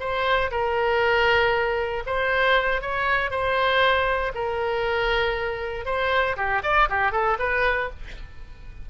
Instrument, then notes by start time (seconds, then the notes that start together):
oboe
0.00 C5
0.51 A#4
2.06 C5
2.82 C#5
3.31 C5
4.35 A#4
5.86 C5
6.37 G4
6.63 D5
6.90 G4
7.12 A4
7.39 B4